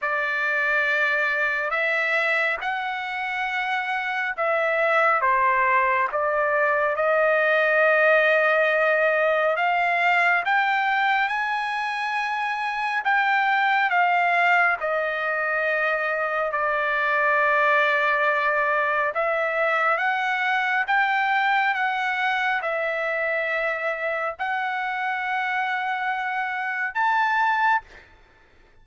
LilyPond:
\new Staff \with { instrumentName = "trumpet" } { \time 4/4 \tempo 4 = 69 d''2 e''4 fis''4~ | fis''4 e''4 c''4 d''4 | dis''2. f''4 | g''4 gis''2 g''4 |
f''4 dis''2 d''4~ | d''2 e''4 fis''4 | g''4 fis''4 e''2 | fis''2. a''4 | }